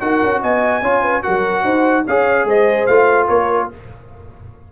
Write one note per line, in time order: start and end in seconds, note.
0.00 0.22 D#4
0.00 0.82 F#4
0.00 0.41 A#4
0.00 0.41 F#5
0.23 0.43 C#4
0.41 0.82 B3
0.41 0.82 D#5
0.41 1.23 G#5
0.82 1.23 C#4
0.82 1.23 F4
0.82 1.02 C#5
1.02 1.22 B4
1.23 1.64 F#3
1.23 2.05 F#4
1.23 1.64 A#4
1.23 2.05 F#5
1.64 2.05 D#4
1.64 2.05 C5
2.07 2.44 C#4
2.07 2.90 G#4
2.07 2.47 C#5
2.07 2.48 F5
2.44 2.86 G#3
2.44 3.28 C5
2.44 2.86 D#5
2.86 3.29 A3
2.86 3.72 F4
2.86 3.27 F5
3.28 3.70 A#3
3.28 3.70 A#4
3.28 3.69 C#5